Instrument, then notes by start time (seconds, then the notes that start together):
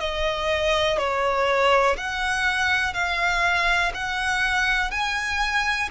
violin
0.00 D#5
0.97 C#5
1.97 F#5
2.93 F5
3.94 F#5
4.90 G#5